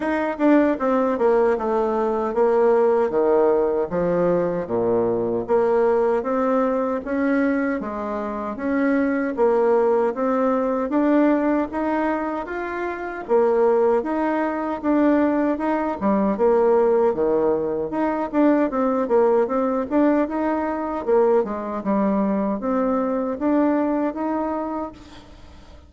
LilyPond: \new Staff \with { instrumentName = "bassoon" } { \time 4/4 \tempo 4 = 77 dis'8 d'8 c'8 ais8 a4 ais4 | dis4 f4 ais,4 ais4 | c'4 cis'4 gis4 cis'4 | ais4 c'4 d'4 dis'4 |
f'4 ais4 dis'4 d'4 | dis'8 g8 ais4 dis4 dis'8 d'8 | c'8 ais8 c'8 d'8 dis'4 ais8 gis8 | g4 c'4 d'4 dis'4 | }